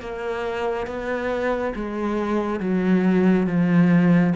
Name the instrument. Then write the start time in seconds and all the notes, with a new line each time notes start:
cello
0.00 A#3
0.86 B3
1.75 G#3
2.60 F#3
3.46 F3